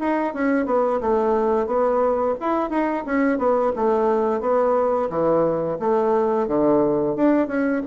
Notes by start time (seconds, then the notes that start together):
0.00 D#4
0.34 C#4
0.66 B3
1.01 A3
1.67 B3
2.40 E4
2.70 D#4
3.06 C#4
3.39 B3
3.76 A3
4.41 B3
5.10 E3
5.80 A3
6.48 D3
7.16 D4
7.48 C#4